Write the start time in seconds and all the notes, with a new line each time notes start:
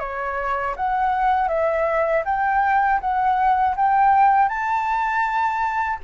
0.00 C#5
0.76 F#5
1.48 E5
2.25 G5
3.00 F#5
3.76 G5
4.49 A5